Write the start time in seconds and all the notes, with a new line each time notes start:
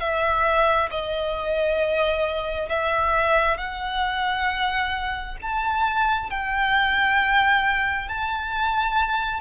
0.00 E5
0.90 D#5
2.69 E5
3.57 F#5
5.42 A5
6.30 G5
8.08 A5